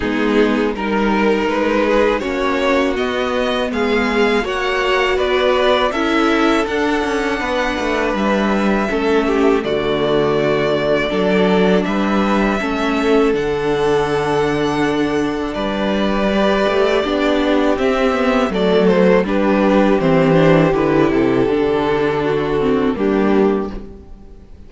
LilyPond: <<
  \new Staff \with { instrumentName = "violin" } { \time 4/4 \tempo 4 = 81 gis'4 ais'4 b'4 cis''4 | dis''4 f''4 fis''4 d''4 | e''4 fis''2 e''4~ | e''4 d''2. |
e''2 fis''2~ | fis''4 d''2. | e''4 d''8 c''8 b'4 c''4 | b'8 a'2~ a'8 g'4 | }
  \new Staff \with { instrumentName = "violin" } { \time 4/4 dis'4 ais'4. gis'8 fis'4~ | fis'4 gis'4 cis''4 b'4 | a'2 b'2 | a'8 g'8 fis'2 a'4 |
b'4 a'2.~ | a'4 b'2 g'4~ | g'4 a'4 g'2~ | g'2 fis'4 d'4 | }
  \new Staff \with { instrumentName = "viola" } { \time 4/4 b4 dis'2 cis'4 | b2 fis'2 | e'4 d'2. | cis'4 a2 d'4~ |
d'4 cis'4 d'2~ | d'2 g'4 d'4 | c'8 b8 a4 d'4 c'8 d'8 | e'4 d'4. c'8 ais4 | }
  \new Staff \with { instrumentName = "cello" } { \time 4/4 gis4 g4 gis4 ais4 | b4 gis4 ais4 b4 | cis'4 d'8 cis'8 b8 a8 g4 | a4 d2 fis4 |
g4 a4 d2~ | d4 g4. a8 b4 | c'4 fis4 g4 e4 | d8 c8 d2 g4 | }
>>